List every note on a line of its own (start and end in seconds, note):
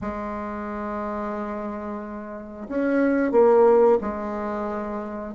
0.01 2.67 G#3
2.68 3.31 C#4
3.31 3.98 A#3
4.01 5.34 G#3